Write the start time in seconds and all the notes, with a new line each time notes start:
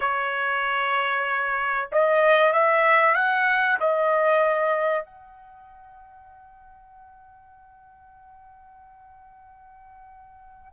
0.00 C#5
1.92 D#5
2.52 E5
3.14 F#5
3.80 D#5
5.05 F#5